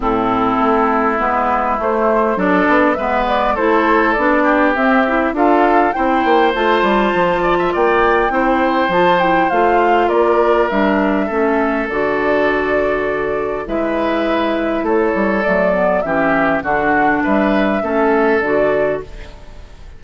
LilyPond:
<<
  \new Staff \with { instrumentName = "flute" } { \time 4/4 \tempo 4 = 101 a'2 b'4 c''4 | d''4 e''8 d''8 c''4 d''4 | e''4 f''4 g''4 a''4~ | a''4 g''2 a''8 g''8 |
f''4 d''4 e''2 | d''2. e''4~ | e''4 cis''4 d''4 e''4 | fis''4 e''2 d''4 | }
  \new Staff \with { instrumentName = "oboe" } { \time 4/4 e'1 | a'4 b'4 a'4. g'8~ | g'4 a'4 c''2~ | c''8 d''16 e''16 d''4 c''2~ |
c''4 ais'2 a'4~ | a'2. b'4~ | b'4 a'2 g'4 | fis'4 b'4 a'2 | }
  \new Staff \with { instrumentName = "clarinet" } { \time 4/4 c'2 b4 a4 | d'4 b4 e'4 d'4 | c'8 e'8 f'4 e'4 f'4~ | f'2 e'4 f'8 e'8 |
f'2 d'4 cis'4 | fis'2. e'4~ | e'2 a8 b8 cis'4 | d'2 cis'4 fis'4 | }
  \new Staff \with { instrumentName = "bassoon" } { \time 4/4 a,4 a4 gis4 a4 | fis8 b8 gis4 a4 b4 | c'4 d'4 c'8 ais8 a8 g8 | f4 ais4 c'4 f4 |
a4 ais4 g4 a4 | d2. gis4~ | gis4 a8 g8 fis4 e4 | d4 g4 a4 d4 | }
>>